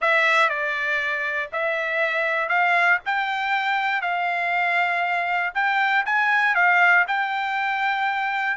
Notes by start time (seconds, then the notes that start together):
0.01 E5
0.49 D5
1.52 E5
2.48 F5
3.05 G5
4.01 F5
5.54 G5
6.05 G#5
6.55 F5
7.07 G5